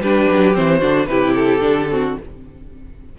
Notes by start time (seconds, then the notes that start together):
0.00 G3 D4 G4 B4
0.31 F#3
0.53 E3 C4 C5
0.80 D3 D4 F#4
1.07 C3 E4 G4 B4
1.35 A4
1.61 D3 D4
1.91 C4 F#4